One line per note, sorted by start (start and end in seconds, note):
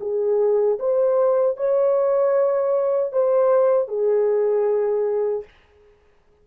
0.00 0.78 G#4
0.79 1.56 C5
1.56 3.12 C#5
3.12 3.87 C5
3.87 5.43 G#4